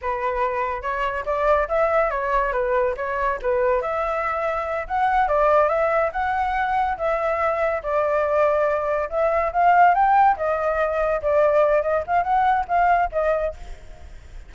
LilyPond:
\new Staff \with { instrumentName = "flute" } { \time 4/4 \tempo 4 = 142 b'2 cis''4 d''4 | e''4 cis''4 b'4 cis''4 | b'4 e''2~ e''8 fis''8~ | fis''8 d''4 e''4 fis''4.~ |
fis''8 e''2 d''4.~ | d''4. e''4 f''4 g''8~ | g''8 dis''2 d''4. | dis''8 f''8 fis''4 f''4 dis''4 | }